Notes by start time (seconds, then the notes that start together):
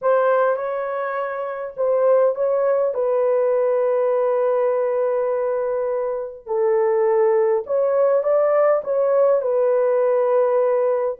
0.01 C5
0.56 C#5
1.76 C5
2.35 C#5
2.94 B4
6.46 A4
7.66 C#5
8.23 D5
8.84 C#5
9.41 B4